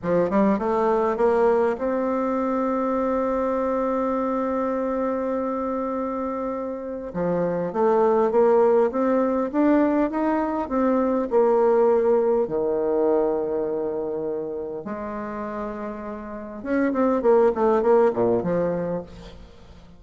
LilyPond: \new Staff \with { instrumentName = "bassoon" } { \time 4/4 \tempo 4 = 101 f8 g8 a4 ais4 c'4~ | c'1~ | c'1 | f4 a4 ais4 c'4 |
d'4 dis'4 c'4 ais4~ | ais4 dis2.~ | dis4 gis2. | cis'8 c'8 ais8 a8 ais8 ais,8 f4 | }